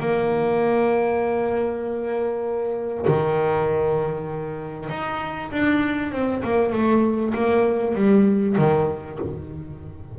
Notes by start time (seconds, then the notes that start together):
0.00 A#3
3.07 D#3
4.89 D#4
5.52 D4
6.12 C4
6.43 A#3
6.72 A3
7.34 A#3
7.95 G3
8.58 D#3